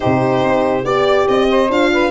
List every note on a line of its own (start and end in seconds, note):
0.00 0.43 C3
0.00 0.83 D#4
0.00 0.83 G4
0.00 0.85 C5
0.43 0.84 C4
0.84 1.26 B3
0.84 1.69 G4
0.84 1.48 D5
0.84 1.27 D5
1.28 1.69 C4
1.28 1.70 D#5
1.49 1.92 C5
1.69 2.10 D4
1.69 2.10 F4
1.69 2.10 F5
1.92 2.10 B4